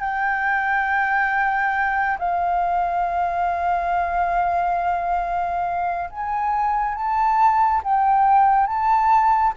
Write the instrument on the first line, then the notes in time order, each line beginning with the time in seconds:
flute
0.00 G5
2.18 F5
6.10 G#5
6.94 A5
7.83 G5
8.66 A5